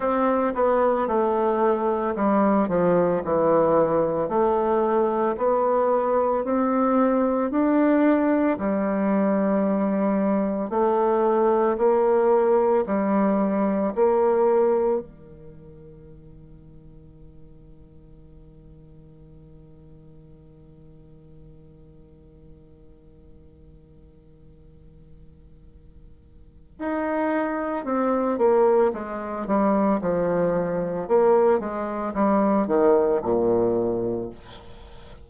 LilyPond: \new Staff \with { instrumentName = "bassoon" } { \time 4/4 \tempo 4 = 56 c'8 b8 a4 g8 f8 e4 | a4 b4 c'4 d'4 | g2 a4 ais4 | g4 ais4 dis2~ |
dis1~ | dis1~ | dis4 dis'4 c'8 ais8 gis8 g8 | f4 ais8 gis8 g8 dis8 ais,4 | }